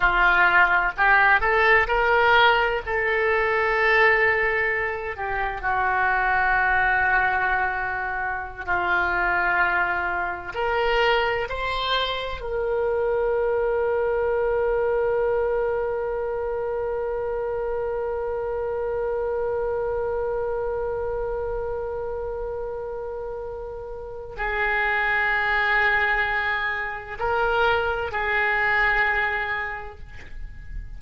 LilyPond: \new Staff \with { instrumentName = "oboe" } { \time 4/4 \tempo 4 = 64 f'4 g'8 a'8 ais'4 a'4~ | a'4. g'8 fis'2~ | fis'4~ fis'16 f'2 ais'8.~ | ais'16 c''4 ais'2~ ais'8.~ |
ais'1~ | ais'1~ | ais'2 gis'2~ | gis'4 ais'4 gis'2 | }